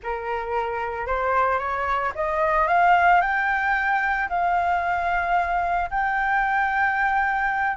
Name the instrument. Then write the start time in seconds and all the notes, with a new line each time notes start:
flute
0.03 A#4
1.06 C5
1.58 C#5
2.15 D#5
2.67 F5
3.21 G5
4.29 F5
5.90 G5